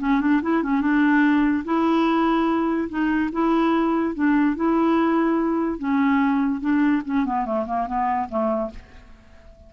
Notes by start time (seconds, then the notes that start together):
0.00 C#4
0.21 D4
0.42 E4
0.63 C#4
0.81 D4
1.65 E4
2.89 D#4
3.33 E4
4.15 D4
4.56 E4
5.79 C#4
6.61 D4
7.05 C#4
7.26 B3
7.45 A3
7.66 A#3
7.87 B3
8.29 A3